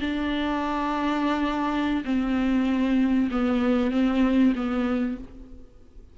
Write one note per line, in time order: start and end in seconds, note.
0.00 2.03 D4
2.04 3.29 C4
3.30 3.91 B3
3.91 4.53 C4
4.55 5.17 B3